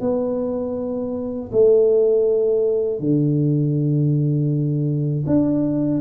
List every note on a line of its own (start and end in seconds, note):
0.00 1.50 B3
1.52 2.99 A3
2.99 5.24 D3
5.26 6.00 D4